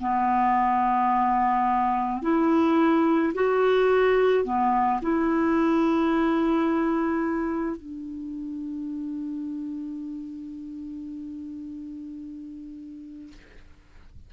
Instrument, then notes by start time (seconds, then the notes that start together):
clarinet
0.00 B3
2.22 E4
3.34 F#4
4.44 B3
5.02 E4
7.77 D4